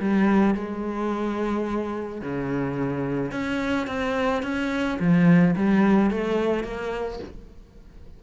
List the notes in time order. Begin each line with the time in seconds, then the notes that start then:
0.00 G3
0.55 G#3
2.22 C#3
3.32 C#4
3.88 C4
4.43 C#4
5.00 F3
5.57 G3
6.11 A3
6.64 A#3